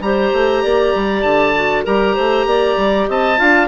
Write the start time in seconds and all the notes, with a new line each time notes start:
0.00 G3 G4 C5 A#5
0.33 A3
0.62 A#3 D5
0.94 G3
1.22 D3 A5
1.55 F#4
1.84 G3 G4 A#4 A#5
2.14 A3 C5
2.45 A#3 D5
2.76 G3
3.08 C4 D#5 A5
3.37 D4 F4 F5